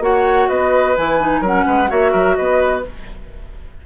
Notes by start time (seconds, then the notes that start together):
0.00 A#3 F#4 C#5 F#5
0.49 B3 B4 D#5
0.97 E3 E4 G#5
1.20 D#4
1.41 F#3 C#4 A#4 F#5
1.66 G#3 B4
1.88 A#3 F#4 C#5 E5
2.12 F#3 A#4
2.36 B3 B4 D#5